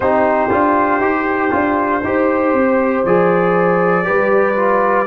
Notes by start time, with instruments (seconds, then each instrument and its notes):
0.00 tuba C4, trombone D#4, horn G4, trumpet C5
0.50 tuba D4, trombone F4
0.99 tuba D#4, trombone G4
1.50 tuba D4, trombone F4
2.03 tuba D#4, trombone G4, horn C5
2.53 tuba C4
3.05 tuba F3, trombone G#4, trumpet D5
4.04 tuba G3, trombone G4, horn B4
4.55 trombone F4